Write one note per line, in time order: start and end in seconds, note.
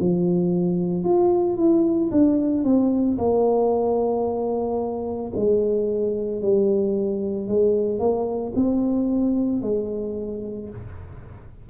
0.00 1.05 F3
1.05 1.57 F4
1.57 2.10 E4
2.12 2.64 D4
2.64 3.18 C4
3.19 5.33 A#3
5.36 6.42 G#3
6.42 7.48 G3
7.48 8.00 G#3
8.00 8.53 A#3
8.56 9.62 C4
9.62 10.69 G#3